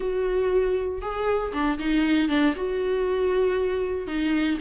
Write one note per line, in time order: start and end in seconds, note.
0.00 1.01 F#4
1.01 1.52 G#4
1.53 1.78 D4
1.78 2.28 D#4
2.28 2.54 D4
2.55 4.07 F#4
4.07 4.58 D#4